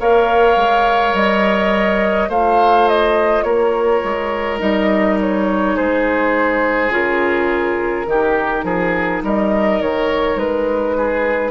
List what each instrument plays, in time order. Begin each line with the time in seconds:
0.00 bassoon A#3, clarinet A#4, oboe C#5, flute F5
0.56 bassoon G#3
1.14 bassoon G3, flute D#5
2.29 bassoon A3, clarinet F4, oboe C5, flute F5
2.88 flute D#5
3.43 bassoon A#3, oboe A#4, flute C#5
4.04 bassoon G#3
4.59 bassoon G3, clarinet D#4, flute D#5
5.21 flute C#5
5.75 bassoon G#3, oboe G#4, flute C5
6.91 bassoon C#3, clarinet F4, flute A#4
8.06 bassoon D#3, clarinet D#4, oboe G4
8.64 bassoon F3, oboe G#4
9.24 bassoon G3, oboe A#4, flute D#5
9.81 bassoon D#3, flute C#5
10.36 bassoon G#3, flute B4
10.97 oboe G#4